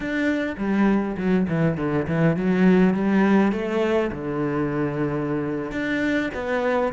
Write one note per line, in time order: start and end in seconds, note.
0.00 0.55 D4
0.57 1.16 G3
1.17 1.46 F#3
1.48 1.77 E3
1.77 2.06 D3
2.07 2.36 E3
2.36 2.94 F#3
2.94 3.51 G3
3.51 4.10 A3
4.11 5.71 D3
5.71 6.30 D4
6.34 6.93 B3